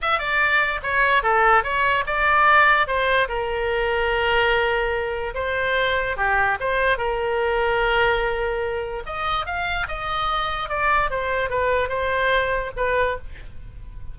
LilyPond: \new Staff \with { instrumentName = "oboe" } { \time 4/4 \tempo 4 = 146 e''8 d''4. cis''4 a'4 | cis''4 d''2 c''4 | ais'1~ | ais'4 c''2 g'4 |
c''4 ais'2.~ | ais'2 dis''4 f''4 | dis''2 d''4 c''4 | b'4 c''2 b'4 | }